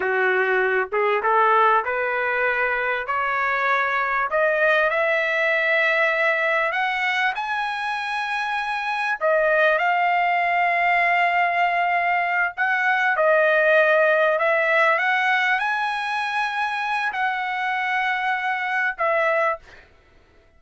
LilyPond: \new Staff \with { instrumentName = "trumpet" } { \time 4/4 \tempo 4 = 98 fis'4. gis'8 a'4 b'4~ | b'4 cis''2 dis''4 | e''2. fis''4 | gis''2. dis''4 |
f''1~ | f''8 fis''4 dis''2 e''8~ | e''8 fis''4 gis''2~ gis''8 | fis''2. e''4 | }